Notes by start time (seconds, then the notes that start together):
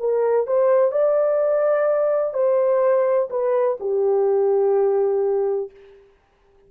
0.00 A#4
0.47 C5
0.92 D5
2.34 C5
3.30 B4
3.81 G4